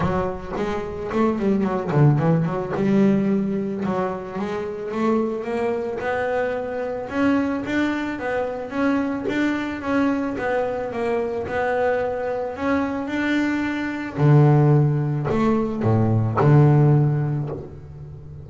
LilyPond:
\new Staff \with { instrumentName = "double bass" } { \time 4/4 \tempo 4 = 110 fis4 gis4 a8 g8 fis8 d8 | e8 fis8 g2 fis4 | gis4 a4 ais4 b4~ | b4 cis'4 d'4 b4 |
cis'4 d'4 cis'4 b4 | ais4 b2 cis'4 | d'2 d2 | a4 a,4 d2 | }